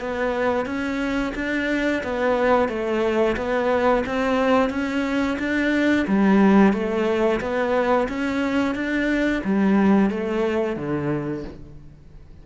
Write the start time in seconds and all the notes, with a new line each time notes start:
0.00 B3
0.66 C#4
1.35 D4
2.03 B3
2.68 A3
3.36 B3
4.06 C4
4.70 C#4
5.39 D4
6.07 G3
6.73 A3
7.40 B3
8.08 C#4
8.75 D4
9.44 G3
10.10 A3
10.76 D3